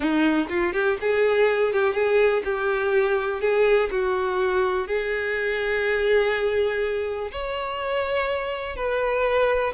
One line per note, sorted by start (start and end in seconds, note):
0.00 0.48 D#4
0.49 0.73 F4
0.73 0.97 G4
1.00 1.73 G#4
1.73 1.94 G4
1.94 2.42 G#4
2.44 3.40 G4
3.40 3.89 G#4
3.90 4.87 F#4
4.87 7.31 G#4
7.31 8.75 C#5
8.75 9.73 B4